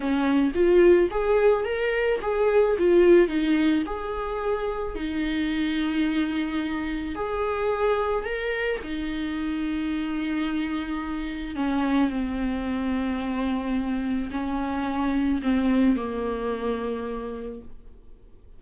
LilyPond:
\new Staff \with { instrumentName = "viola" } { \time 4/4 \tempo 4 = 109 cis'4 f'4 gis'4 ais'4 | gis'4 f'4 dis'4 gis'4~ | gis'4 dis'2.~ | dis'4 gis'2 ais'4 |
dis'1~ | dis'4 cis'4 c'2~ | c'2 cis'2 | c'4 ais2. | }